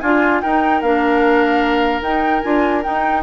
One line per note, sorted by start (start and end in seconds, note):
0.00 0.43 D4
0.00 0.42 F4
0.00 0.44 F4
0.00 0.40 G#5
0.41 0.82 D#4
0.41 0.84 D#4
0.41 3.23 A#4
0.41 0.81 G5
0.81 2.01 A#3
0.81 2.02 D4
0.81 2.02 F5
2.01 2.41 D#4
2.01 2.42 D#4
2.01 2.41 G5
2.41 2.85 D4
2.41 2.83 F4
2.41 2.82 G#5
2.83 3.23 D#4
2.83 3.23 G5